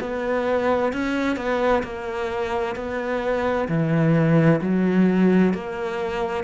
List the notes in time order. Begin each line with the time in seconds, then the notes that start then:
0.00 B3
0.93 C#4
1.36 B3
1.83 A#3
2.76 B3
3.68 E3
4.61 F#3
5.53 A#3